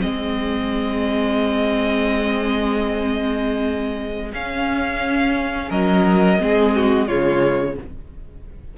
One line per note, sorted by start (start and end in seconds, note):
0.00 4.33 G#3
0.00 4.31 C4
0.00 5.70 G#4
0.00 4.32 D#5
4.33 6.39 C#4
4.33 5.71 C#4
4.33 5.71 F5
5.70 6.40 F#3
5.70 6.39 A#4
5.70 7.08 D#5
6.39 7.09 G#3
6.39 7.08 C4
6.39 6.76 G#4
6.76 7.07 F#4
7.07 7.78 C#3
7.07 7.77 G#3
7.07 7.76 F4
7.07 7.77 C#5